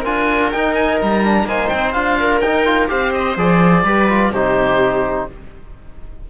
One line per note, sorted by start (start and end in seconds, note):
0.00 0.53 D4
0.00 0.53 F4
0.00 1.43 A#4
0.00 0.52 G#5
0.52 1.24 D#4
0.52 1.02 D#4
0.52 0.75 G5
0.75 0.99 G#5
1.02 1.45 G3
1.02 1.49 A#5
1.24 1.48 D4
1.45 1.68 A#3
1.45 1.95 D#4
1.45 2.20 C5
1.45 1.69 G#5
1.69 1.95 C4
1.69 1.93 G5
1.93 2.41 D4
1.93 2.43 F4
1.93 2.41 F5
2.20 2.91 A#4
2.41 2.89 D#4
2.41 2.66 D#4
2.41 2.89 G5
2.66 2.88 F4
2.88 3.37 C4
2.88 3.36 G4
2.88 3.85 C5
2.88 3.13 F5
3.14 3.38 D#5
3.37 3.84 F3
3.37 3.85 G#4
3.37 4.34 D5
3.84 4.31 G3
3.84 4.09 G4
3.84 4.32 B4
4.09 4.33 F4
4.31 5.27 C3
4.31 5.31 D#4
4.31 5.28 G4
4.31 5.29 C5